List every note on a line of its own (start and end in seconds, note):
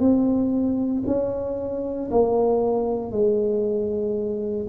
0.00 1.03 C4
1.07 2.10 C#4
2.11 3.12 A#3
3.12 4.67 G#3